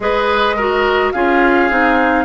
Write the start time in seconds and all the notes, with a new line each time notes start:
0.00 G#3 G#4 B4 D#5
0.56 F#4 A#4
1.12 C#4 F4 G#4 F5
1.70 C4 D#4